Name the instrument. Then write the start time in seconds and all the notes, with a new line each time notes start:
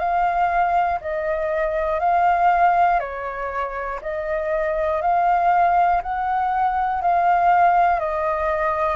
flute
0.00 F5
1.01 D#5
2.00 F5
3.00 C#5
4.02 D#5
5.02 F5
6.03 F#5
7.02 F5
8.00 D#5